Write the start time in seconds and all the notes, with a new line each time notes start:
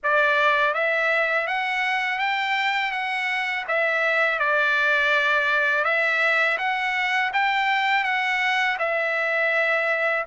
0.03 D5
0.74 E5
1.47 F#5
2.18 G5
2.91 F#5
3.68 E5
4.39 D5
5.84 E5
6.58 F#5
7.33 G5
8.04 F#5
8.78 E5